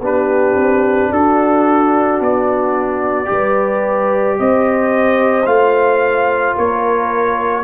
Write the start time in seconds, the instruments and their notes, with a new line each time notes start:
0.00 tuba B3, trombone D4, horn G4, trumpet B4
0.55 tuba C4
1.11 tuba D4, horn F#4, trumpet A4
2.20 tuba B3, trumpet D5
3.25 tuba G3, trombone G4, horn B4
4.39 tuba C4, horn C5, trumpet D#5
5.45 tuba A3, trombone F4, trumpet F5
6.57 tuba A#3, horn A#4, trumpet C#5